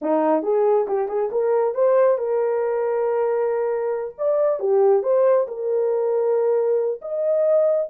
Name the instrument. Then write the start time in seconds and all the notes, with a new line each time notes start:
horn
0.01 D#4
0.42 G#4
0.87 G4
1.08 G#4
1.31 A#4
1.74 C5
2.18 A#4
4.18 D5
4.59 G4
5.03 C5
5.47 A#4
7.01 D#5